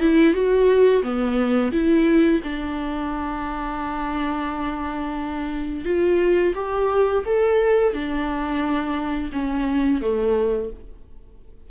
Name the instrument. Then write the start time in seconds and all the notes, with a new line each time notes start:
viola
0.00 E4
0.34 F#4
1.03 B3
1.72 E4
2.44 D4
5.85 F4
6.55 G4
7.26 A4
7.93 D4
9.32 C#4
10.01 A3